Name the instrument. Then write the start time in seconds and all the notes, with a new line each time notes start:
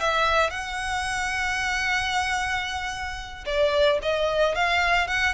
violin
0.00 E5
0.50 F#5
3.46 D5
4.03 D#5
4.55 F5
5.08 F#5